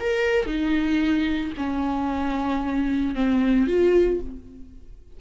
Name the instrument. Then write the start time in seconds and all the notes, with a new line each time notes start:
viola
0.00 A#4
0.46 D#4
1.57 C#4
3.15 C4
3.67 F4